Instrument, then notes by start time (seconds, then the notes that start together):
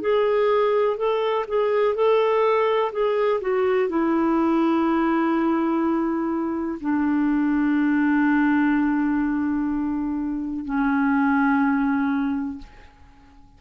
clarinet
0.00 G#4
0.97 A4
1.47 G#4
1.94 A4
2.92 G#4
3.40 F#4
3.88 E4
6.80 D4
10.65 C#4